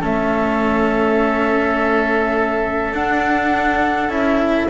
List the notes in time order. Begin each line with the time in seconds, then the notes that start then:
0.00 A3 C#4 A4 E5
2.92 D4 F#5
4.08 C#4 E4 E5